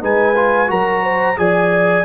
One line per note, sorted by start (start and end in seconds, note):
0.00 0.70 G#3
0.00 0.34 D#4
0.00 0.70 B4
0.00 0.70 G#5
0.36 0.67 F4
0.67 1.38 F#3
0.67 1.35 F#4
0.67 1.03 A#4
0.67 1.38 A#5
1.03 1.37 C5
1.36 2.05 F3
1.36 2.04 G#4
1.36 2.05 D5
1.36 2.05 G#5